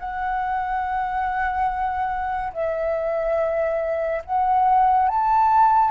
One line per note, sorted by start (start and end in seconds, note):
0.00 2.54 F#5
2.54 4.23 E5
4.25 5.09 F#5
5.09 5.91 A5